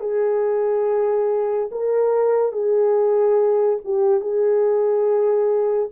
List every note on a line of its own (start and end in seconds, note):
0.00 1.69 G#4
1.71 2.52 A#4
2.52 3.78 G#4
3.84 4.20 G4
4.20 5.89 G#4